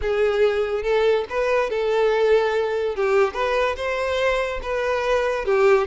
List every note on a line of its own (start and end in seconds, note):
0.01 0.83 G#4
0.83 1.25 A4
1.29 1.69 B4
1.69 2.95 A4
2.95 3.33 G4
3.33 3.75 B4
3.76 4.60 C5
4.62 5.45 B4
5.45 5.87 G4